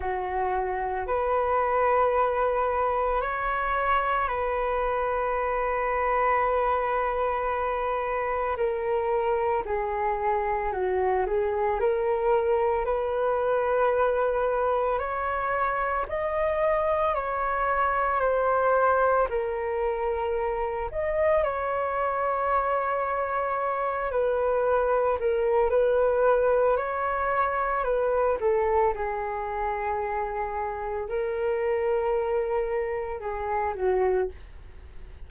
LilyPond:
\new Staff \with { instrumentName = "flute" } { \time 4/4 \tempo 4 = 56 fis'4 b'2 cis''4 | b'1 | ais'4 gis'4 fis'8 gis'8 ais'4 | b'2 cis''4 dis''4 |
cis''4 c''4 ais'4. dis''8 | cis''2~ cis''8 b'4 ais'8 | b'4 cis''4 b'8 a'8 gis'4~ | gis'4 ais'2 gis'8 fis'8 | }